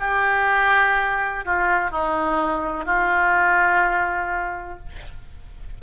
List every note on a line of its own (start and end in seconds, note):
0.00 1.45 G4
1.45 1.91 F4
1.91 2.85 D#4
2.85 4.79 F4